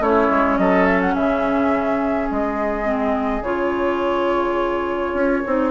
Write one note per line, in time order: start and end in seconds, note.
0.00 0.29 A3
0.00 2.85 C#4
0.00 0.58 E4
0.00 0.58 C#5
0.30 0.58 G#3
0.58 1.15 F#3
0.58 1.14 A4
0.58 0.86 D#5
0.86 1.01 E5
1.02 1.15 F#5
1.14 2.30 C#3
1.14 5.71 G#4
1.14 2.29 E5
2.31 3.42 G#3
2.31 3.44 D#5
2.85 3.42 C4
3.42 5.13 C#3
3.42 5.45 F4
3.42 5.71 C#5
5.14 5.43 C#4
5.46 5.71 C4
5.46 5.71 D#4